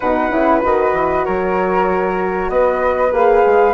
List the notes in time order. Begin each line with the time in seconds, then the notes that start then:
0.00 B2 D#4 B4 F#5
0.30 C#3 E4
0.60 D#3 F#4 D#5
0.93 E3
1.24 F#3 A#4 C#5
2.49 B3 B4 D#5
3.11 A#3 G#4 F5
3.46 G#3